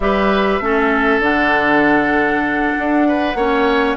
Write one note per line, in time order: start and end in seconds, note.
0.00 0.59 G3
0.00 0.61 G4
0.00 0.64 B4
0.00 1.21 E5
0.59 1.19 A3
0.59 1.21 C#4
0.59 3.08 A4
1.19 2.72 D3
1.19 3.35 D4
1.19 3.96 F#5
2.78 3.34 D4
3.08 3.36 B4
3.34 3.96 A#3
3.34 3.96 C#4
3.34 3.96 C#5